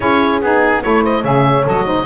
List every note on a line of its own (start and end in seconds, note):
0.00 0.41 C#4
0.00 0.41 E4
0.00 0.82 G#4
0.00 0.40 C#5
0.41 0.83 B3
0.41 0.82 D#4
0.41 0.82 G#4
0.82 1.24 A3
0.82 1.22 E4
0.82 1.02 A4
0.82 1.03 C#5
1.02 1.21 C5
1.02 1.24 D#5
1.21 1.65 C#3
1.21 1.63 G#4
1.21 1.83 C#5
1.21 1.65 E5
1.64 2.05 F#3
1.64 1.84 A4
1.64 2.05 D#5
1.84 2.05 D#4
1.84 2.05 C5